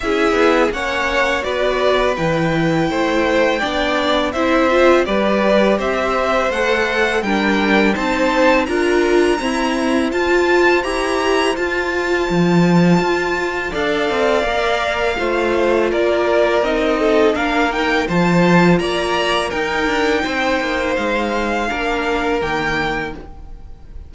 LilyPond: <<
  \new Staff \with { instrumentName = "violin" } { \time 4/4 \tempo 4 = 83 e''4 fis''4 d''4 g''4~ | g''2 e''4 d''4 | e''4 fis''4 g''4 a''4 | ais''2 a''4 ais''4 |
a''2. f''4~ | f''2 d''4 dis''4 | f''8 g''8 a''4 ais''4 g''4~ | g''4 f''2 g''4 | }
  \new Staff \with { instrumentName = "violin" } { \time 4/4 gis'4 cis''4 b'2 | c''4 d''4 c''4 b'4 | c''2 ais'4 c''4 | ais'4 c''2.~ |
c''2. d''4~ | d''4 c''4 ais'4. a'8 | ais'4 c''4 d''4 ais'4 | c''2 ais'2 | }
  \new Staff \with { instrumentName = "viola" } { \time 4/4 e'4 cis'4 fis'4 e'4~ | e'4 d'4 e'8 f'8 g'4~ | g'4 a'4 d'4 dis'4 | f'4 c'4 f'4 g'4 |
f'2. a'4 | ais'4 f'2 dis'4 | d'8 dis'8 f'2 dis'4~ | dis'2 d'4 ais4 | }
  \new Staff \with { instrumentName = "cello" } { \time 4/4 cis'8 b8 ais4 b4 e4 | a4 b4 c'4 g4 | c'4 a4 g4 c'4 | d'4 e'4 f'4 e'4 |
f'4 f4 f'4 d'8 c'8 | ais4 a4 ais4 c'4 | ais4 f4 ais4 dis'8 d'8 | c'8 ais8 gis4 ais4 dis4 | }
>>